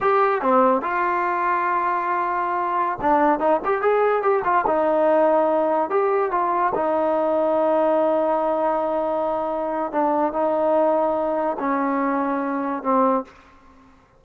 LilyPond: \new Staff \with { instrumentName = "trombone" } { \time 4/4 \tempo 4 = 145 g'4 c'4 f'2~ | f'2.~ f'16 d'8.~ | d'16 dis'8 g'8 gis'4 g'8 f'8 dis'8.~ | dis'2~ dis'16 g'4 f'8.~ |
f'16 dis'2.~ dis'8.~ | dis'1 | d'4 dis'2. | cis'2. c'4 | }